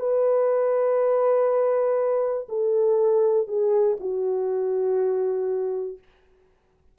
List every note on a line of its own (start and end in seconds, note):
0.00 2.48 B4
2.49 3.48 A4
3.48 3.98 G#4
4.00 5.99 F#4